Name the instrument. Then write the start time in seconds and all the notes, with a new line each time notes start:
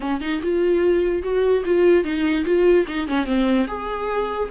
viola
0.00 C#4
0.20 D#4
0.42 F4
1.22 F#4
1.65 F4
2.03 D#4
2.45 F4
2.87 D#4
3.07 C#4
3.25 C4
3.67 G#4